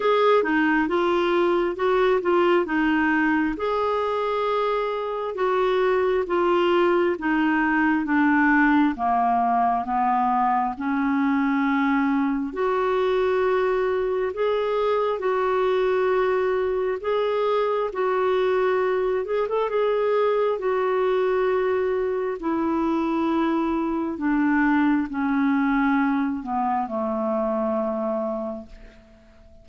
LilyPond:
\new Staff \with { instrumentName = "clarinet" } { \time 4/4 \tempo 4 = 67 gis'8 dis'8 f'4 fis'8 f'8 dis'4 | gis'2 fis'4 f'4 | dis'4 d'4 ais4 b4 | cis'2 fis'2 |
gis'4 fis'2 gis'4 | fis'4. gis'16 a'16 gis'4 fis'4~ | fis'4 e'2 d'4 | cis'4. b8 a2 | }